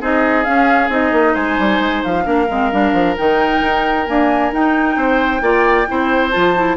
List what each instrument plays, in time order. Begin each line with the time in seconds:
0.00 bassoon C4, clarinet D#4, oboe G#4, flute D#5
0.44 clarinet C#4, bassoon C#4, flute F5
0.89 bassoon C4, clarinet D#4, flute D#5
1.11 bassoon A#3
1.33 bassoon G#3, oboe C5, flute G#5
1.59 bassoon G3
1.80 bassoon G#3
2.03 bassoon F3, flute F5
2.23 bassoon A#3, clarinet D4, oboe A#4
2.50 bassoon G#3, clarinet C4
2.71 bassoon G3, clarinet D4
2.93 bassoon F3
3.17 bassoon D#3, clarinet D#4, flute G5
3.62 bassoon D#4
4.06 clarinet A#3, bassoon D4, flute G#5
4.51 clarinet D#4, bassoon D#4, flute G5
4.96 bassoon C4, oboe C5
5.41 bassoon A#3, clarinet F4, oboe D5
5.87 bassoon C4, clarinet E4, oboe C5
6.30 bassoon F3, clarinet F4, flute A5
6.56 clarinet E4